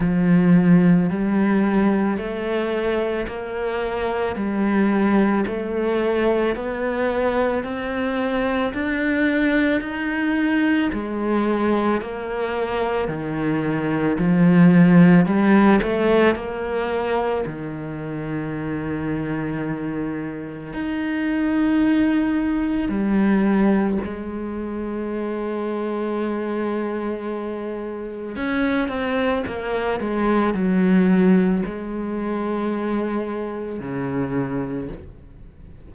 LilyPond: \new Staff \with { instrumentName = "cello" } { \time 4/4 \tempo 4 = 55 f4 g4 a4 ais4 | g4 a4 b4 c'4 | d'4 dis'4 gis4 ais4 | dis4 f4 g8 a8 ais4 |
dis2. dis'4~ | dis'4 g4 gis2~ | gis2 cis'8 c'8 ais8 gis8 | fis4 gis2 cis4 | }